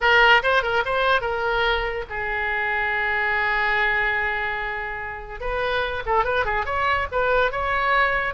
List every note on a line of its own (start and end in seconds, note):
0.00 0.42 A#4
0.43 0.62 C5
0.62 0.83 A#4
0.85 1.21 C5
1.21 2.04 A#4
2.09 5.40 G#4
5.40 6.03 B4
6.05 6.24 A4
6.24 6.45 B4
6.45 6.65 G#4
6.65 7.07 C#5
7.11 7.51 B4
7.51 8.34 C#5